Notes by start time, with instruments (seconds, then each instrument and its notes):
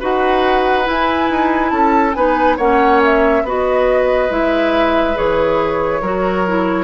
0.00 bassoon D#4, clarinet F#4, oboe B4, flute F#5
0.84 clarinet E4, bassoon E4
0.90 flute G#5
1.30 bassoon D#4
1.70 bassoon C#4, oboe A4, flute A5
2.14 bassoon B3, clarinet D#4, oboe B4, flute G#5
2.57 bassoon A#3, clarinet C#4, oboe C#5, flute F#5
3.04 flute E5
3.43 bassoon B3, clarinet F#4, oboe B4, flute D#5
4.29 bassoon G#3, clarinet E4, flute E5
5.15 bassoon E3, clarinet G#4, flute C#5
6.01 bassoon F#3, clarinet F#4, oboe A#4
6.47 clarinet E4